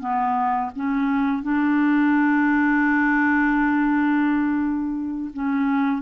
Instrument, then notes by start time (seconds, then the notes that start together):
clarinet
0.00 B3
0.75 C#4
1.42 D4
5.33 C#4